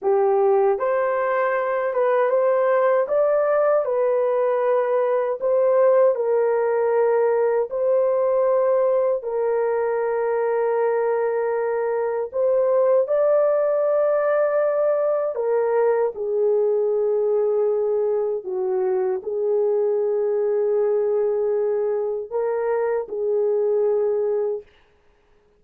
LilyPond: \new Staff \with { instrumentName = "horn" } { \time 4/4 \tempo 4 = 78 g'4 c''4. b'8 c''4 | d''4 b'2 c''4 | ais'2 c''2 | ais'1 |
c''4 d''2. | ais'4 gis'2. | fis'4 gis'2.~ | gis'4 ais'4 gis'2 | }